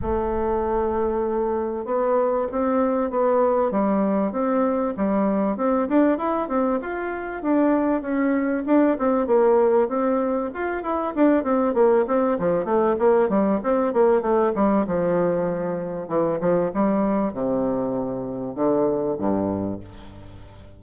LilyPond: \new Staff \with { instrumentName = "bassoon" } { \time 4/4 \tempo 4 = 97 a2. b4 | c'4 b4 g4 c'4 | g4 c'8 d'8 e'8 c'8 f'4 | d'4 cis'4 d'8 c'8 ais4 |
c'4 f'8 e'8 d'8 c'8 ais8 c'8 | f8 a8 ais8 g8 c'8 ais8 a8 g8 | f2 e8 f8 g4 | c2 d4 g,4 | }